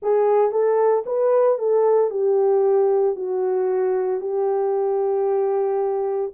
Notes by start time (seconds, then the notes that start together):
0.02 G#4
0.51 A4
1.06 B4
1.58 A4
2.10 G4
3.15 F#4
4.21 G4